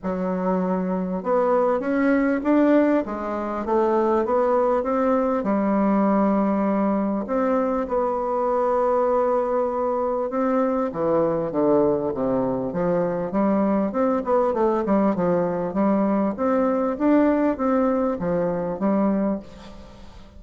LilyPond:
\new Staff \with { instrumentName = "bassoon" } { \time 4/4 \tempo 4 = 99 fis2 b4 cis'4 | d'4 gis4 a4 b4 | c'4 g2. | c'4 b2.~ |
b4 c'4 e4 d4 | c4 f4 g4 c'8 b8 | a8 g8 f4 g4 c'4 | d'4 c'4 f4 g4 | }